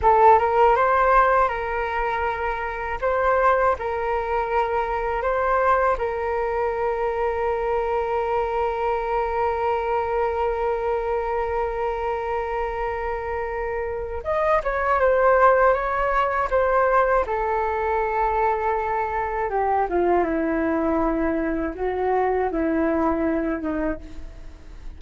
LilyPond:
\new Staff \with { instrumentName = "flute" } { \time 4/4 \tempo 4 = 80 a'8 ais'8 c''4 ais'2 | c''4 ais'2 c''4 | ais'1~ | ais'1~ |
ais'2. dis''8 cis''8 | c''4 cis''4 c''4 a'4~ | a'2 g'8 f'8 e'4~ | e'4 fis'4 e'4. dis'8 | }